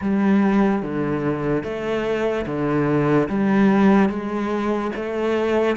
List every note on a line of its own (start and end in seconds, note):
0.01 0.82 G3
0.82 1.63 D3
1.63 2.45 A3
2.46 3.28 D3
3.28 4.09 G3
4.09 4.91 G#3
4.95 5.76 A3